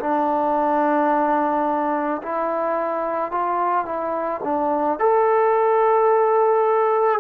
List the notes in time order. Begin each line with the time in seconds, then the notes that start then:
0.00 D4
2.23 E4
3.32 F4
3.85 E4
4.44 D4
4.99 A4